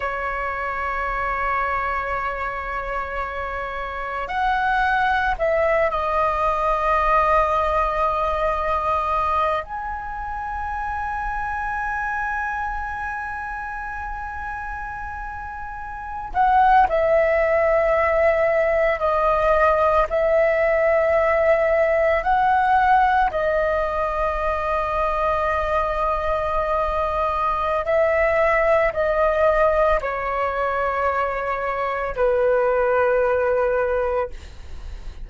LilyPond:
\new Staff \with { instrumentName = "flute" } { \time 4/4 \tempo 4 = 56 cis''1 | fis''4 e''8 dis''2~ dis''8~ | dis''4 gis''2.~ | gis''2.~ gis''16 fis''8 e''16~ |
e''4.~ e''16 dis''4 e''4~ e''16~ | e''8. fis''4 dis''2~ dis''16~ | dis''2 e''4 dis''4 | cis''2 b'2 | }